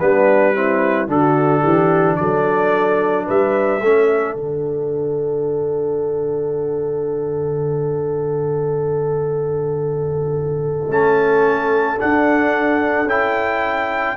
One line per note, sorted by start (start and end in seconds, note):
0.00 1.08 G3
0.00 0.55 B3
0.00 0.55 D4
0.00 1.09 B4
0.55 1.08 C4
0.55 1.09 E4
1.08 1.63 D3
1.08 3.81 D4
1.08 1.62 F#4
1.08 2.16 A4
1.62 2.19 E3
1.62 2.16 G4
2.16 3.29 F#3
2.16 3.26 A4
2.16 3.25 D5
3.26 3.81 G3
3.26 3.81 B4
3.26 4.36 E5
3.81 4.35 A3
3.81 4.37 C#4
3.81 14.17 A4
4.35 10.88 D3
4.35 10.91 D4
4.35 10.91 F#5
10.88 11.97 A3
10.88 11.98 C#4
10.88 12.01 A5
11.98 13.07 D4
11.98 13.05 D4
11.98 13.09 F#5
13.05 14.14 C#4
13.05 14.17 E4
13.05 14.17 G5